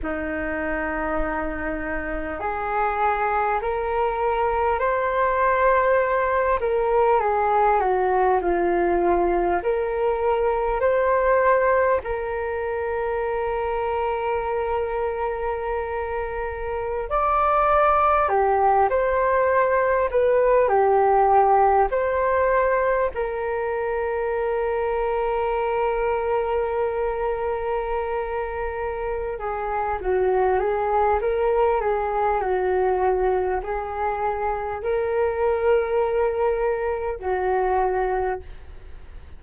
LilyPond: \new Staff \with { instrumentName = "flute" } { \time 4/4 \tempo 4 = 50 dis'2 gis'4 ais'4 | c''4. ais'8 gis'8 fis'8 f'4 | ais'4 c''4 ais'2~ | ais'2~ ais'16 d''4 g'8 c''16~ |
c''8. b'8 g'4 c''4 ais'8.~ | ais'1~ | ais'8 gis'8 fis'8 gis'8 ais'8 gis'8 fis'4 | gis'4 ais'2 fis'4 | }